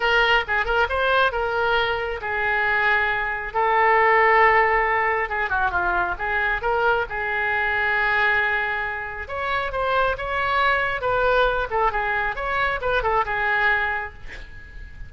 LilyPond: \new Staff \with { instrumentName = "oboe" } { \time 4/4 \tempo 4 = 136 ais'4 gis'8 ais'8 c''4 ais'4~ | ais'4 gis'2. | a'1 | gis'8 fis'8 f'4 gis'4 ais'4 |
gis'1~ | gis'4 cis''4 c''4 cis''4~ | cis''4 b'4. a'8 gis'4 | cis''4 b'8 a'8 gis'2 | }